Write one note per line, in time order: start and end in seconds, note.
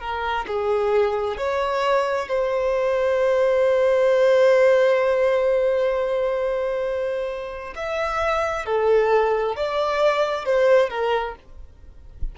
0.00 0.45 A#4
0.47 1.37 G#4
1.37 2.28 C#5
2.28 7.74 C5
7.75 8.65 E5
8.65 9.56 A4
9.56 10.45 D5
10.45 10.89 C5
10.89 11.35 A#4